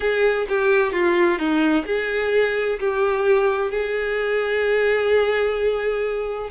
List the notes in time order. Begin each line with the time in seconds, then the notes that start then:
0.00 G#4
0.48 G4
0.92 F4
1.38 D#4
1.86 G#4
2.79 G4
3.70 G#4